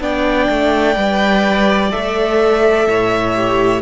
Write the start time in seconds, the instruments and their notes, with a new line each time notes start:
0.00 cello B3, viola D4, violin D5 G5
0.49 cello A3
0.94 cello G3, viola B4
1.91 cello A3, viola A4, violin E5
2.87 cello A2, violin C#5
3.35 viola G4